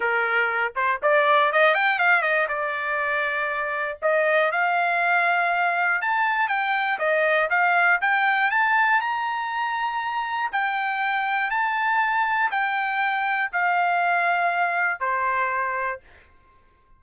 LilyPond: \new Staff \with { instrumentName = "trumpet" } { \time 4/4 \tempo 4 = 120 ais'4. c''8 d''4 dis''8 g''8 | f''8 dis''8 d''2. | dis''4 f''2. | a''4 g''4 dis''4 f''4 |
g''4 a''4 ais''2~ | ais''4 g''2 a''4~ | a''4 g''2 f''4~ | f''2 c''2 | }